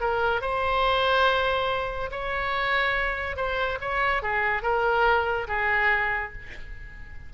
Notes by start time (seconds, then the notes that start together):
0.00 A#4
0.41 C5
2.11 C#5
3.36 C5
3.80 C#5
4.22 G#4
4.62 A#4
5.48 G#4